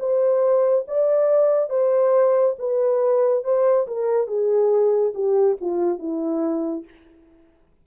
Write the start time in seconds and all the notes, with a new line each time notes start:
0.00 C5
0.88 D5
1.70 C5
2.59 B4
3.44 C5
3.88 A#4
4.27 G#4
5.15 G4
5.61 F4
5.99 E4